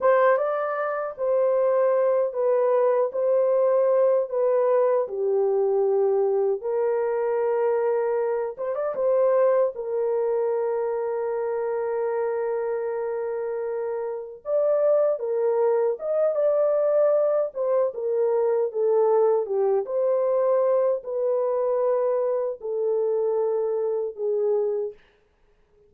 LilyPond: \new Staff \with { instrumentName = "horn" } { \time 4/4 \tempo 4 = 77 c''8 d''4 c''4. b'4 | c''4. b'4 g'4.~ | g'8 ais'2~ ais'8 c''16 d''16 c''8~ | c''8 ais'2.~ ais'8~ |
ais'2~ ais'8 d''4 ais'8~ | ais'8 dis''8 d''4. c''8 ais'4 | a'4 g'8 c''4. b'4~ | b'4 a'2 gis'4 | }